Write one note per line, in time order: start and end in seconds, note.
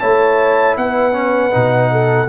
0.00 0.77 A3
0.00 1.13 E4
0.00 0.77 C#5
0.00 0.76 A5
0.77 1.53 B3
0.77 1.92 B4
0.77 2.29 F#5
1.13 1.51 C#4
1.51 2.29 B2
1.51 2.27 D#4
1.92 2.29 A4